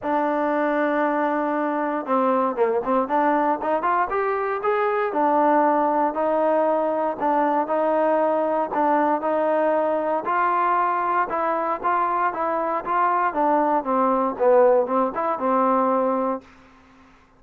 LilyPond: \new Staff \with { instrumentName = "trombone" } { \time 4/4 \tempo 4 = 117 d'1 | c'4 ais8 c'8 d'4 dis'8 f'8 | g'4 gis'4 d'2 | dis'2 d'4 dis'4~ |
dis'4 d'4 dis'2 | f'2 e'4 f'4 | e'4 f'4 d'4 c'4 | b4 c'8 e'8 c'2 | }